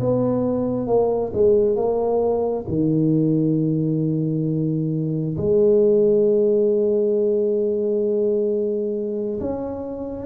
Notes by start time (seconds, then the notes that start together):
0.00 B3
0.87 A#3
1.34 G#3
1.76 A#3
2.68 D#3
5.37 G#3
9.41 C#4